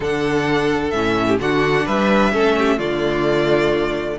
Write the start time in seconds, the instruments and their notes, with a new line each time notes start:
0.00 cello D3, viola D4, violin A4 F#5
0.90 cello A2, viola C#4, violin E5
1.27 violin G4
1.39 cello D3, viola D4, violin F#4 F#5
1.85 cello G3, violin B4 E5
2.32 cello A3, viola C#4, violin A4
2.58 violin G4
2.77 cello D3, viola A3, violin F4 D5